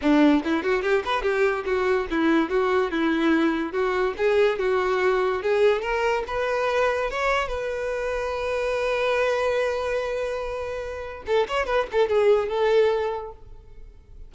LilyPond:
\new Staff \with { instrumentName = "violin" } { \time 4/4 \tempo 4 = 144 d'4 e'8 fis'8 g'8 b'8 g'4 | fis'4 e'4 fis'4 e'4~ | e'4 fis'4 gis'4 fis'4~ | fis'4 gis'4 ais'4 b'4~ |
b'4 cis''4 b'2~ | b'1~ | b'2. a'8 cis''8 | b'8 a'8 gis'4 a'2 | }